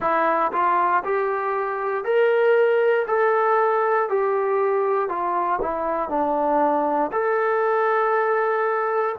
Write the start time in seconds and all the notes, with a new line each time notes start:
0.00 E4
0.52 F4
1.04 G4
2.04 A#4
3.07 A4
4.09 G4
5.08 F4
5.61 E4
6.09 D4
7.12 A4